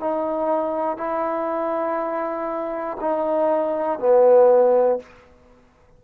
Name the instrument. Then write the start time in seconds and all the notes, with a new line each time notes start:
trombone
0.00 D#4
0.97 E4
3.00 D#4
4.00 B3